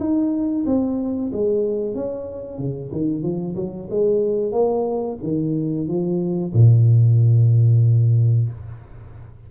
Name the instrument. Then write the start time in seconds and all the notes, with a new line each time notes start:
tuba
0.00 D#4
0.66 C4
1.33 G#3
1.95 C#4
2.59 C#3
2.92 D#3
3.23 F3
3.56 F#3
3.90 G#3
4.53 A#3
5.23 D#3
5.88 F3
6.54 A#2